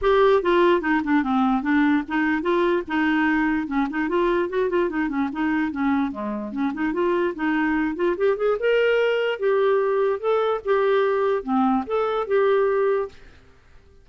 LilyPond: \new Staff \with { instrumentName = "clarinet" } { \time 4/4 \tempo 4 = 147 g'4 f'4 dis'8 d'8 c'4 | d'4 dis'4 f'4 dis'4~ | dis'4 cis'8 dis'8 f'4 fis'8 f'8 | dis'8 cis'8 dis'4 cis'4 gis4 |
cis'8 dis'8 f'4 dis'4. f'8 | g'8 gis'8 ais'2 g'4~ | g'4 a'4 g'2 | c'4 a'4 g'2 | }